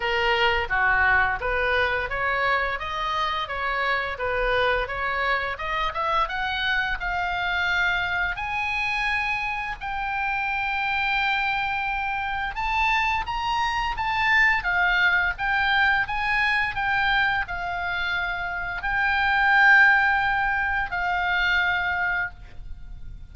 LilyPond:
\new Staff \with { instrumentName = "oboe" } { \time 4/4 \tempo 4 = 86 ais'4 fis'4 b'4 cis''4 | dis''4 cis''4 b'4 cis''4 | dis''8 e''8 fis''4 f''2 | gis''2 g''2~ |
g''2 a''4 ais''4 | a''4 f''4 g''4 gis''4 | g''4 f''2 g''4~ | g''2 f''2 | }